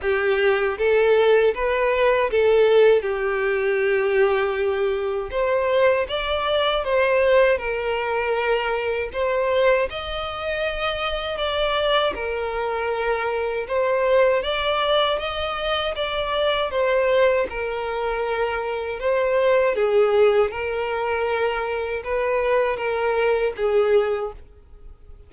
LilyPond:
\new Staff \with { instrumentName = "violin" } { \time 4/4 \tempo 4 = 79 g'4 a'4 b'4 a'4 | g'2. c''4 | d''4 c''4 ais'2 | c''4 dis''2 d''4 |
ais'2 c''4 d''4 | dis''4 d''4 c''4 ais'4~ | ais'4 c''4 gis'4 ais'4~ | ais'4 b'4 ais'4 gis'4 | }